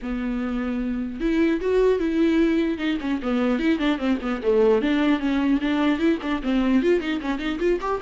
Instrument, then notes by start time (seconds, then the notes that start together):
viola
0.02 B3
1.20 E4
1.61 F#4
1.99 E4
2.77 D#4
3.00 C#4
3.22 B3
3.59 E4
3.78 D4
3.98 C4
4.21 B3
4.43 A3
4.81 D4
5.19 C#4
5.61 D4
5.99 E4
6.21 D4
6.43 C4
6.82 F4
7.00 D#4
7.21 C#4
7.38 D#4
7.59 F4
7.80 G4